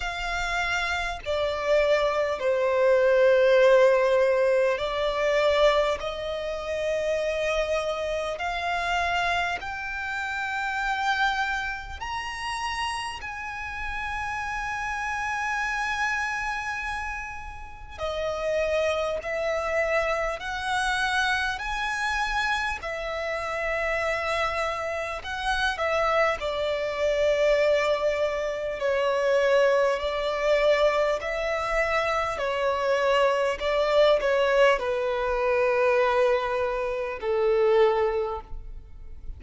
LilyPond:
\new Staff \with { instrumentName = "violin" } { \time 4/4 \tempo 4 = 50 f''4 d''4 c''2 | d''4 dis''2 f''4 | g''2 ais''4 gis''4~ | gis''2. dis''4 |
e''4 fis''4 gis''4 e''4~ | e''4 fis''8 e''8 d''2 | cis''4 d''4 e''4 cis''4 | d''8 cis''8 b'2 a'4 | }